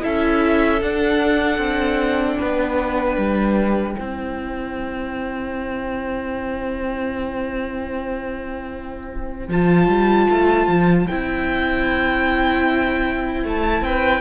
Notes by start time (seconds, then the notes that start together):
0.00 E4 A4 E5
0.06 C#4
0.81 D4 F#5
1.58 C4
2.39 B3 B4 G5
3.17 G3
3.95 C4 E4 C5
9.49 F3 F4 A5
9.88 G3
10.31 A3
10.67 F3
11.07 C4 E4 G5
13.44 A3 A5
13.82 C4 B4 G5